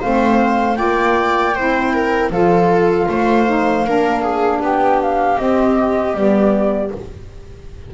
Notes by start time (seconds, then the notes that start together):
0.00 A3 C4 C5 F5
0.75 A#3 F4 D5 G5
1.55 C4 E4 C5
1.94 A#4
2.31 F3 F4 A4 F5
3.09 A3 C5
3.46 D#4
3.85 A#3 D4 A#4
4.23 G#4
4.61 B3 G4 G5
5.02 F5
5.37 C4 D#5
6.14 G3 B3 D5